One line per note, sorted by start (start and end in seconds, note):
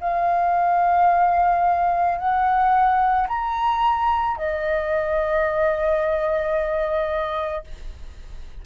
0.00 2.18 F5
2.18 3.27 F#5
3.28 4.37 A#5
4.37 7.64 D#5